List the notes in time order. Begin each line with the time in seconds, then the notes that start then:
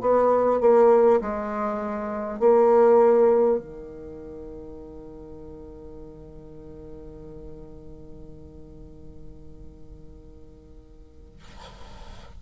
0.00 B3
0.60 A#3
1.21 G#3
2.39 A#3
3.58 D#3